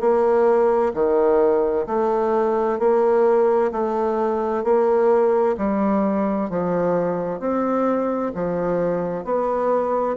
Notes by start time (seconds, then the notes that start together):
0.00 A#3
0.94 D#3
1.86 A3
2.79 A#3
3.71 A3
4.63 A#3
5.57 G3
6.50 F3
7.39 C4
8.35 F3
9.24 B3